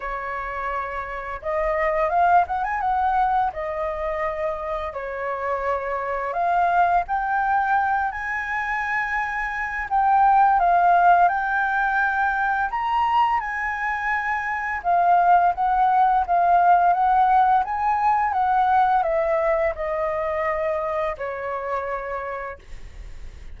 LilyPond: \new Staff \with { instrumentName = "flute" } { \time 4/4 \tempo 4 = 85 cis''2 dis''4 f''8 fis''16 gis''16 | fis''4 dis''2 cis''4~ | cis''4 f''4 g''4. gis''8~ | gis''2 g''4 f''4 |
g''2 ais''4 gis''4~ | gis''4 f''4 fis''4 f''4 | fis''4 gis''4 fis''4 e''4 | dis''2 cis''2 | }